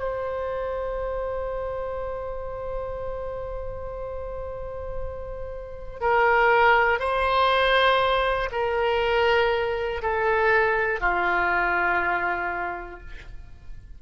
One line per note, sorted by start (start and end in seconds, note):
0.00 6.00 C5
6.00 6.99 A#4
6.99 8.49 C5
8.52 10.02 A#4
10.02 11.00 A4
11.00 13.00 F4